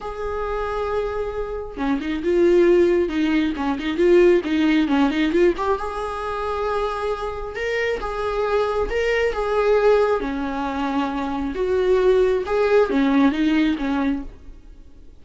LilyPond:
\new Staff \with { instrumentName = "viola" } { \time 4/4 \tempo 4 = 135 gis'1 | cis'8 dis'8 f'2 dis'4 | cis'8 dis'8 f'4 dis'4 cis'8 dis'8 | f'8 g'8 gis'2.~ |
gis'4 ais'4 gis'2 | ais'4 gis'2 cis'4~ | cis'2 fis'2 | gis'4 cis'4 dis'4 cis'4 | }